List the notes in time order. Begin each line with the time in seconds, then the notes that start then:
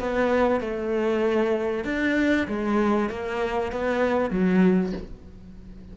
0.00 B3
0.61 A3
1.85 D4
2.48 G#3
3.10 A#3
3.72 B3
4.31 F#3